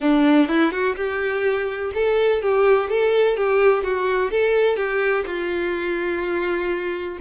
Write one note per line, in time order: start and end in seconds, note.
0.00 0.48 D4
0.48 0.71 E4
0.71 0.95 F#4
0.95 1.91 G4
1.94 2.42 A4
2.42 2.89 G4
2.89 3.36 A4
3.36 3.83 G4
3.83 4.30 F#4
4.30 4.76 A4
4.76 5.24 G4
5.26 7.18 F4